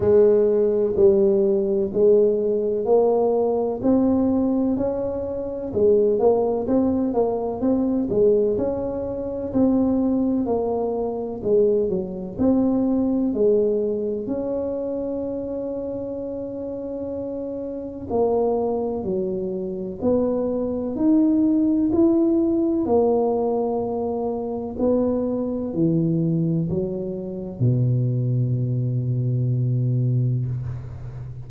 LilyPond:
\new Staff \with { instrumentName = "tuba" } { \time 4/4 \tempo 4 = 63 gis4 g4 gis4 ais4 | c'4 cis'4 gis8 ais8 c'8 ais8 | c'8 gis8 cis'4 c'4 ais4 | gis8 fis8 c'4 gis4 cis'4~ |
cis'2. ais4 | fis4 b4 dis'4 e'4 | ais2 b4 e4 | fis4 b,2. | }